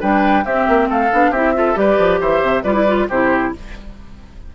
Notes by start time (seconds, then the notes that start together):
0.00 G3 D4 B4 G5
0.45 C4 G4 E5
0.68 A#3
0.88 A3 A4 F5
1.12 B3 D4
1.31 C4 E4 G4 E5
1.54 F4 A4
1.75 G3 G4 B4 D5
1.98 F3
2.20 E3 C5 E5
2.42 C3
2.63 G3 F4 B4 D5
2.74 E4
2.87 F4
3.09 C3 E4 G4 C5